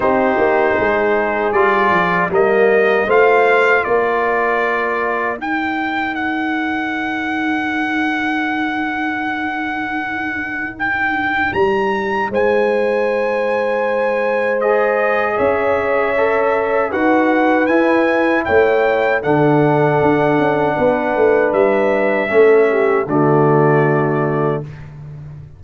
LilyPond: <<
  \new Staff \with { instrumentName = "trumpet" } { \time 4/4 \tempo 4 = 78 c''2 d''4 dis''4 | f''4 d''2 g''4 | fis''1~ | fis''2 g''4 ais''4 |
gis''2. dis''4 | e''2 fis''4 gis''4 | g''4 fis''2. | e''2 d''2 | }
  \new Staff \with { instrumentName = "horn" } { \time 4/4 g'4 gis'2 ais'4 | c''4 ais'2.~ | ais'1~ | ais'1 |
c''1 | cis''2 b'2 | cis''4 a'2 b'4~ | b'4 a'8 g'8 fis'2 | }
  \new Staff \with { instrumentName = "trombone" } { \time 4/4 dis'2 f'4 ais4 | f'2. dis'4~ | dis'1~ | dis'1~ |
dis'2. gis'4~ | gis'4 a'4 fis'4 e'4~ | e'4 d'2.~ | d'4 cis'4 a2 | }
  \new Staff \with { instrumentName = "tuba" } { \time 4/4 c'8 ais8 gis4 g8 f8 g4 | a4 ais2 dis'4~ | dis'1~ | dis'2. g4 |
gis1 | cis'2 dis'4 e'4 | a4 d4 d'8 cis'8 b8 a8 | g4 a4 d2 | }
>>